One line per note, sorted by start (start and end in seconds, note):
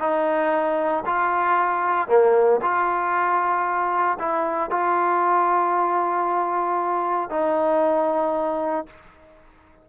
0.00 1.04 D#4
1.06 2.09 F4
2.09 2.61 A#3
2.62 4.19 F4
4.20 4.71 E4
4.71 7.30 F4
7.30 8.87 D#4